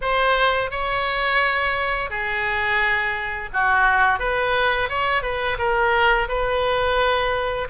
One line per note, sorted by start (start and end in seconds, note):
0.01 0.70 C5
0.70 2.10 C#5
2.10 3.49 G#4
3.53 4.19 F#4
4.19 4.89 B4
4.89 5.22 C#5
5.22 5.57 B4
5.58 6.28 A#4
6.28 7.67 B4